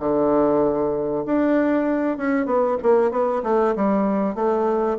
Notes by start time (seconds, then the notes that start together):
0.00 D3
1.26 D4
2.18 C#4
2.46 B3
2.83 A#3
3.11 B3
3.44 A3
3.76 G3
4.35 A3